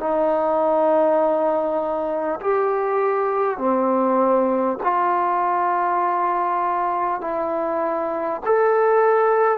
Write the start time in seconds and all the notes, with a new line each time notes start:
0.00 D#4
2.41 G4
3.58 C4
4.83 F4
7.22 E4
8.45 A4